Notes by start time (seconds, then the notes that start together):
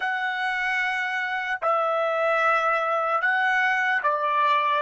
0.00 F#5
1.61 E5
3.21 F#5
4.02 D5